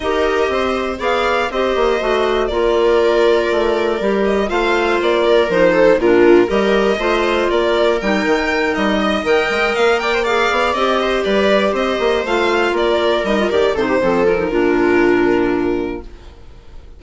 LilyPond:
<<
  \new Staff \with { instrumentName = "violin" } { \time 4/4 \tempo 4 = 120 dis''2 f''4 dis''4~ | dis''4 d''2.~ | d''8 dis''8 f''4 d''4 c''4 | ais'4 dis''2 d''4 |
g''4. dis''4 g''4 f''8 | g''8 f''4 dis''4 d''4 dis''8~ | dis''8 f''4 d''4 dis''8 d''8 c''8~ | c''8 ais'2.~ ais'8 | }
  \new Staff \with { instrumentName = "viola" } { \time 4/4 ais'4 c''4 d''4 c''4~ | c''4 ais'2.~ | ais'4 c''4. ais'4 a'8 | f'4 ais'4 c''4 ais'4~ |
ais'2 dis''2 | d''16 c''16 d''4. c''8 b'4 c''8~ | c''4. ais'2 a'16 g'16 | a'4 f'2. | }
  \new Staff \with { instrumentName = "clarinet" } { \time 4/4 g'2 gis'4 g'4 | fis'4 f'2. | g'4 f'2 dis'4 | d'4 g'4 f'2 |
dis'2~ dis'8 ais'4.~ | ais'8 gis'4 g'2~ g'8~ | g'8 f'2 dis'16 f'16 g'8 dis'8 | c'8 f'16 dis'16 d'2. | }
  \new Staff \with { instrumentName = "bassoon" } { \time 4/4 dis'4 c'4 b4 c'8 ais8 | a4 ais2 a4 | g4 a4 ais4 f4 | ais,4 g4 a4 ais4 |
g8 dis4 g4 dis8 gis8 ais8~ | ais4 b8 c'4 g4 c'8 | ais8 a4 ais4 g8 dis8 c8 | f4 ais,2. | }
>>